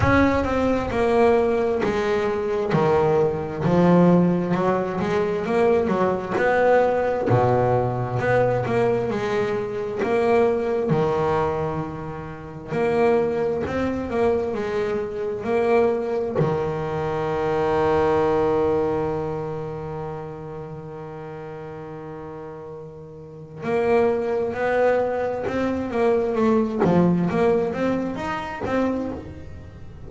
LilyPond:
\new Staff \with { instrumentName = "double bass" } { \time 4/4 \tempo 4 = 66 cis'8 c'8 ais4 gis4 dis4 | f4 fis8 gis8 ais8 fis8 b4 | b,4 b8 ais8 gis4 ais4 | dis2 ais4 c'8 ais8 |
gis4 ais4 dis2~ | dis1~ | dis2 ais4 b4 | c'8 ais8 a8 f8 ais8 c'8 dis'8 c'8 | }